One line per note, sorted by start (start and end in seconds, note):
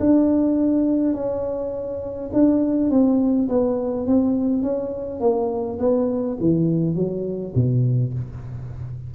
0.00 1.14 D4
1.14 2.30 C#4
2.33 2.90 D4
2.90 3.48 C4
3.49 4.07 B3
4.07 4.63 C4
4.63 5.21 C#4
5.21 5.79 A#3
5.79 6.37 B3
6.40 6.95 E3
6.95 7.54 F#3
7.55 8.13 B2